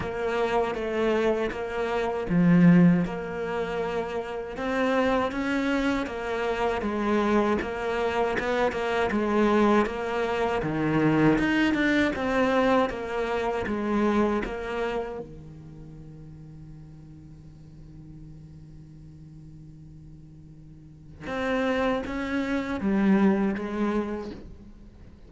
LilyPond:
\new Staff \with { instrumentName = "cello" } { \time 4/4 \tempo 4 = 79 ais4 a4 ais4 f4 | ais2 c'4 cis'4 | ais4 gis4 ais4 b8 ais8 | gis4 ais4 dis4 dis'8 d'8 |
c'4 ais4 gis4 ais4 | dis1~ | dis1 | c'4 cis'4 g4 gis4 | }